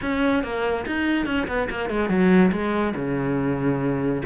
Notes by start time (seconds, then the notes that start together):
0.01 C#4
0.43 A#3
0.86 D#4
1.26 C#4
1.47 B3
1.70 A#3
1.89 G#3
2.09 F#3
2.51 G#3
2.95 C#3